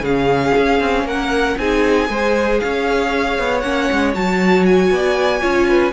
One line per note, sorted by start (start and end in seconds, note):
0.00 0.51 C#3
0.00 1.04 G#4
0.00 1.07 F5
0.07 1.60 C#4
0.57 0.80 C#4
0.80 1.04 C4
1.04 1.55 A#3
1.04 1.57 A#4
1.04 1.58 F#5
1.58 2.08 C4
1.58 2.06 D#4
1.58 2.10 G#4
1.58 2.59 G#5
2.06 2.60 G#3
2.06 3.60 G#4
2.06 2.61 C5
2.59 3.39 C#4
2.59 4.93 C#5
2.59 3.59 F5
3.39 3.63 B3
3.59 3.89 A#3
3.59 4.14 C#4
3.59 4.11 F#5
3.91 4.15 G#3
4.14 4.90 F#3
4.14 5.40 F#4
4.14 4.65 A5
4.65 5.92 G#5
4.90 5.42 B3
4.90 5.41 D5
5.40 5.92 C#4
5.40 5.91 F4
5.40 5.67 C#5
5.68 5.92 B4